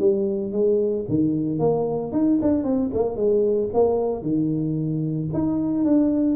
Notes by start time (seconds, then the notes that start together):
0.00 G3
0.53 G#3
1.09 D#3
1.60 A#3
2.13 D#4
2.42 D4
2.64 C4
2.94 A#3
3.17 G#3
3.74 A#3
4.23 D#3
5.34 D#4
5.85 D4